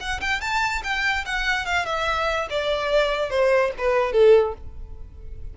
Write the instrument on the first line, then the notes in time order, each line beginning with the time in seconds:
violin
0.00 F#5
0.21 G5
0.41 A5
0.84 G5
1.26 F#5
1.66 F5
1.86 E5
2.50 D5
3.30 C5
3.78 B4
4.13 A4